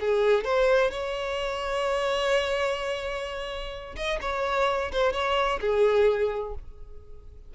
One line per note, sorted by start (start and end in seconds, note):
0.00 0.45 G#4
0.45 0.91 C5
0.91 3.95 C#5
3.96 4.19 D#5
4.21 4.92 C#5
4.92 5.13 C5
5.13 5.60 C#5
5.60 6.54 G#4